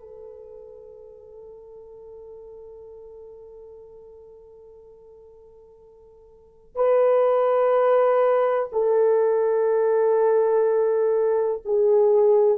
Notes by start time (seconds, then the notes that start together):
0.00 A4
6.76 B4
8.72 A4
11.65 G#4